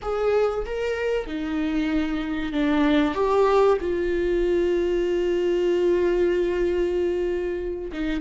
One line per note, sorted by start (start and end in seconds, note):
0.01 0.65 G#4
0.65 1.26 A#4
1.26 2.52 D#4
2.52 3.14 D4
3.14 3.77 G4
3.81 7.91 F4
7.92 8.20 D#4